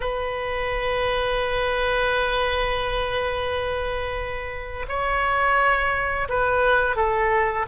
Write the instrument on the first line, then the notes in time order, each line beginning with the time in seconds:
oboe
0.00 B4
4.88 C#5
6.28 B4
6.96 A4